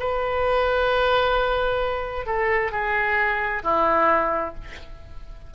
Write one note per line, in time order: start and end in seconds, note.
0.00 2.26 B4
2.26 2.72 A4
2.72 3.63 G#4
3.64 4.55 E4